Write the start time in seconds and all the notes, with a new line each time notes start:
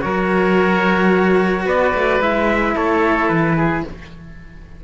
0.00 F#3 F#4 A#4 C#5
1.65 B3 B4 D5
1.94 A3
2.20 G#3 E4 E5
2.75 A3 A4 C#5
3.28 E3 B4
3.56 G#4